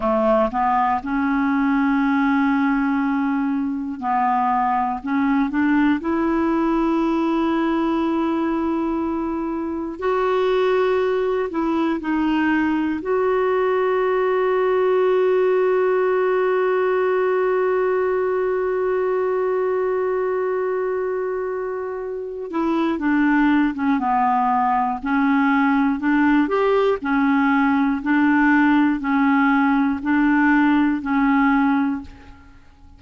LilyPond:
\new Staff \with { instrumentName = "clarinet" } { \time 4/4 \tempo 4 = 60 a8 b8 cis'2. | b4 cis'8 d'8 e'2~ | e'2 fis'4. e'8 | dis'4 fis'2.~ |
fis'1~ | fis'2~ fis'8 e'8 d'8. cis'16 | b4 cis'4 d'8 g'8 cis'4 | d'4 cis'4 d'4 cis'4 | }